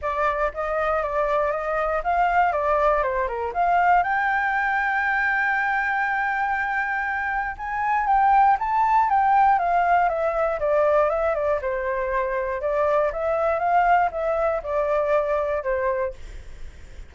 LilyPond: \new Staff \with { instrumentName = "flute" } { \time 4/4 \tempo 4 = 119 d''4 dis''4 d''4 dis''4 | f''4 d''4 c''8 ais'8 f''4 | g''1~ | g''2. gis''4 |
g''4 a''4 g''4 f''4 | e''4 d''4 e''8 d''8 c''4~ | c''4 d''4 e''4 f''4 | e''4 d''2 c''4 | }